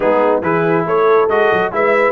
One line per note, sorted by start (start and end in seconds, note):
0.00 0.41 G#3
0.00 0.42 B3
0.00 0.42 D#4
0.00 0.42 G#4
0.41 0.85 E3
0.41 1.29 E4
0.41 0.85 G#4
0.41 0.86 B4
0.85 1.28 A3
0.85 1.73 A4
0.85 1.29 C#5
1.28 1.49 G#3
1.28 1.71 F#4
1.28 1.72 D#5
1.52 1.72 F#3
1.71 2.11 G#3
1.71 2.11 E4
1.71 2.11 B4
1.71 2.11 E5